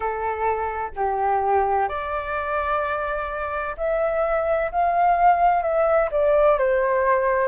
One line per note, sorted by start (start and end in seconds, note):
0.00 0.90 A4
0.95 1.88 G4
1.88 3.75 D5
3.77 4.71 E5
4.71 5.62 F5
5.62 6.09 E5
6.11 6.58 D5
6.58 7.48 C5